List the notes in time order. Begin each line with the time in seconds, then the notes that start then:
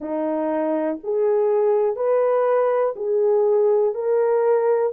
0.00 D#4
1.03 G#4
1.96 B4
2.96 G#4
3.94 A#4